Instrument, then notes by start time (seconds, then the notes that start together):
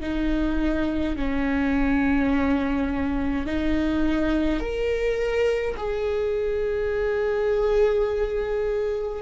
viola
0.00 D#4
1.16 C#4
3.46 D#4
4.59 A#4
5.76 G#4